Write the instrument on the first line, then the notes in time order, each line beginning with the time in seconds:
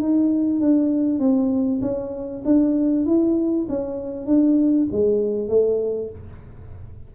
tuba
0.00 D#4
0.60 D4
1.19 C4
1.82 C#4
2.45 D4
3.06 E4
3.69 C#4
4.27 D4
4.92 G#3
5.49 A3